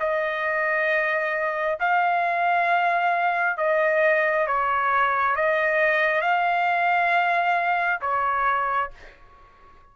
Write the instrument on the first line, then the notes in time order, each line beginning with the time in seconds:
trumpet
0.00 D#5
1.80 F5
3.58 D#5
4.47 C#5
5.36 D#5
6.22 F5
8.01 C#5